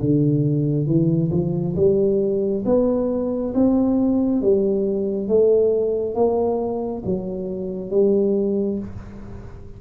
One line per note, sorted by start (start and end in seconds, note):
0.00 0.86 D3
0.86 1.30 E3
1.31 1.75 F3
1.76 2.64 G3
2.65 3.53 B3
3.55 4.42 C4
4.42 5.28 G3
5.28 6.15 A3
6.15 7.03 A#3
7.05 7.91 F#3
7.91 8.79 G3